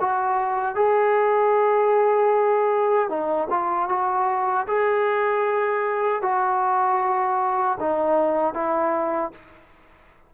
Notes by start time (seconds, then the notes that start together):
0.00 F#4
0.75 G#4
3.09 D#4
3.50 F4
3.89 F#4
4.68 G#4
6.22 F#4
7.80 D#4
8.54 E4